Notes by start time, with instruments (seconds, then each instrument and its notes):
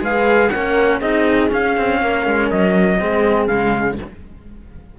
0.00 cello G#3 G#4, horn B4, trumpet F5
0.50 cello A#3 C#4, horn A#4, trumpet F#5
0.98 cello C4 D#4, horn G#4, trumpet D#5
1.49 cello C#4, trumpet F5
1.77 cello C4
2.02 cello A#3, horn A#4
2.26 cello G#3
2.51 cello F#3, trumpet D#5
2.99 cello G#3 C4, horn G#4
3.47 cello C#3 G#3, trumpet F5